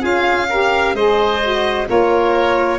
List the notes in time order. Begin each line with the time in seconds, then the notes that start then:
0.00 C#4 F4 G#4 F5
0.49 G4 A#4
0.93 G#3 G#4 C5 D#5
1.42 F#4
1.86 A#3 F4 A#4 C#5